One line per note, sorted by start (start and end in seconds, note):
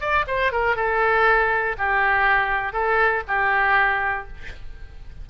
0.00 0.25 D5
0.27 0.52 C5
0.52 0.76 A#4
0.76 1.76 A4
1.77 2.73 G4
2.73 3.23 A4
3.27 4.27 G4